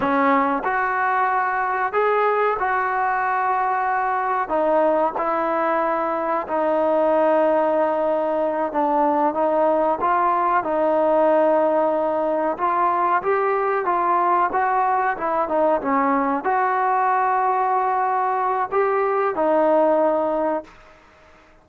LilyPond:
\new Staff \with { instrumentName = "trombone" } { \time 4/4 \tempo 4 = 93 cis'4 fis'2 gis'4 | fis'2. dis'4 | e'2 dis'2~ | dis'4. d'4 dis'4 f'8~ |
f'8 dis'2. f'8~ | f'8 g'4 f'4 fis'4 e'8 | dis'8 cis'4 fis'2~ fis'8~ | fis'4 g'4 dis'2 | }